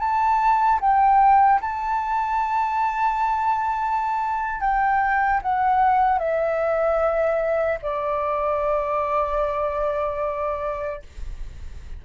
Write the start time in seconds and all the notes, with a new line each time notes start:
0.00 A5
0.81 G5
1.61 A5
4.61 G5
5.43 F#5
6.19 E5
7.83 D5